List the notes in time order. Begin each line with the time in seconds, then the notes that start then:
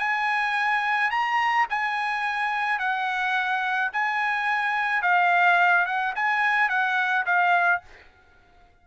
0.00 G#5
1.11 A#5
1.70 G#5
2.80 F#5
3.93 G#5
5.03 F5
5.86 F#5
6.16 G#5
6.70 F#5
7.26 F5